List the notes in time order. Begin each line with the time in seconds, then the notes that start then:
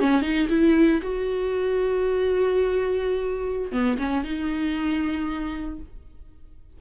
0.00 C#4
0.22 D#4
0.50 E4
1.02 F#4
3.72 B3
3.99 C#4
4.25 D#4